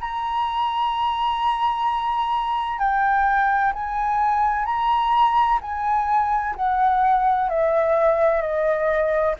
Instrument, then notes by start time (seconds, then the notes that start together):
flute
0.00 A#5
2.78 G5
3.73 G#5
4.65 A#5
5.61 G#5
6.55 F#5
7.49 E5
8.41 D#5